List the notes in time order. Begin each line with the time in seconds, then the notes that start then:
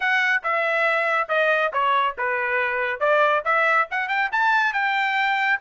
0.00 F#5
0.43 E5
1.28 D#5
1.72 C#5
2.17 B4
3.00 D5
3.44 E5
3.91 F#5
4.08 G5
4.32 A5
4.73 G5